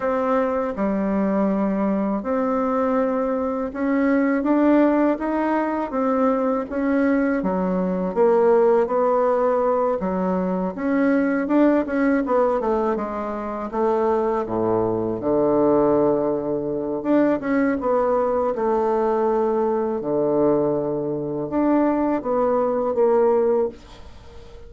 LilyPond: \new Staff \with { instrumentName = "bassoon" } { \time 4/4 \tempo 4 = 81 c'4 g2 c'4~ | c'4 cis'4 d'4 dis'4 | c'4 cis'4 fis4 ais4 | b4. fis4 cis'4 d'8 |
cis'8 b8 a8 gis4 a4 a,8~ | a,8 d2~ d8 d'8 cis'8 | b4 a2 d4~ | d4 d'4 b4 ais4 | }